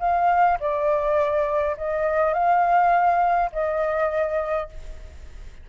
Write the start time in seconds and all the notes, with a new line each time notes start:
0.00 F5
0.60 D5
1.77 D#5
2.34 F5
3.53 D#5